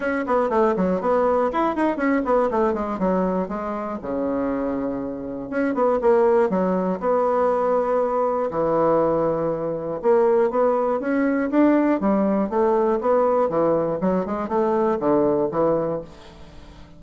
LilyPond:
\new Staff \with { instrumentName = "bassoon" } { \time 4/4 \tempo 4 = 120 cis'8 b8 a8 fis8 b4 e'8 dis'8 | cis'8 b8 a8 gis8 fis4 gis4 | cis2. cis'8 b8 | ais4 fis4 b2~ |
b4 e2. | ais4 b4 cis'4 d'4 | g4 a4 b4 e4 | fis8 gis8 a4 d4 e4 | }